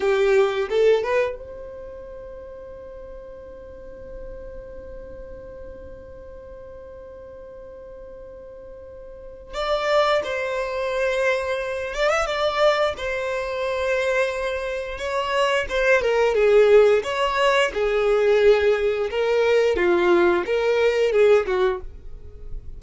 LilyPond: \new Staff \with { instrumentName = "violin" } { \time 4/4 \tempo 4 = 88 g'4 a'8 b'8 c''2~ | c''1~ | c''1~ | c''2 d''4 c''4~ |
c''4. d''16 e''16 d''4 c''4~ | c''2 cis''4 c''8 ais'8 | gis'4 cis''4 gis'2 | ais'4 f'4 ais'4 gis'8 fis'8 | }